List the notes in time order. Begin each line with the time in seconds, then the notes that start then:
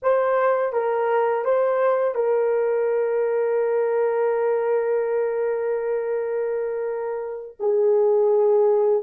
0.02 C5
0.72 A#4
1.45 C5
2.14 A#4
7.59 G#4